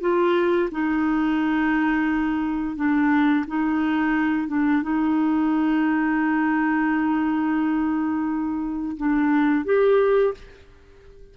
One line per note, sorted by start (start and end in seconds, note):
0.00 0.69 F4
0.71 2.76 D#4
2.76 3.45 D4
3.47 4.48 D#4
4.48 4.82 D4
4.82 8.96 D#4
8.97 9.65 D4
9.65 10.34 G4